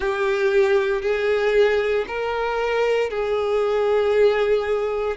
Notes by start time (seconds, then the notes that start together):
0.00 G4
1.01 G#4
2.07 A#4
3.09 G#4